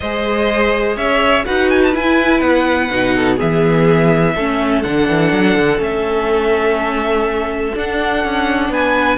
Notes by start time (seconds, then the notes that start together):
0.00 G#3 G#4 C5 D#5
0.96 C#4 C#5 E5
1.45 D#4 F#4 B4 F#5
1.70 G#5
1.82 A5
1.93 E4 G#5
2.40 B3 F#5
2.90 B2 D#4
3.16 A4
3.36 E3 B3 G#4 E5
4.34 A3 C#4 A4
4.82 D3 D4 F#5
5.08 E3
5.32 F#3
5.55 D3
5.78 A3 C#4 E5
7.74 D4 F#5
8.24 C#4
8.69 B3 B4 G#5